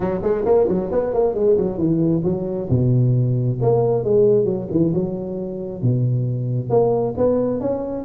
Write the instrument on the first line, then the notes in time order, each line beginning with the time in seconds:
tuba
0.00 F#3
0.22 G#3
0.45 A#3
0.68 F#3
0.91 B3
1.13 A#3
1.34 G#3
1.57 F#3
1.78 E3
2.23 F#3
2.69 B2
3.61 A#3
4.03 G#3
4.45 F#3
4.70 E3
4.94 F#3
5.82 B2
6.69 A#3
7.17 B3
7.60 C#4